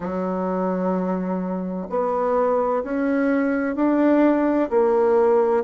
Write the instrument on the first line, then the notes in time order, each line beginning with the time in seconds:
bassoon
0.00 F#3
1.89 B3
2.83 C#4
3.75 D4
4.70 A#3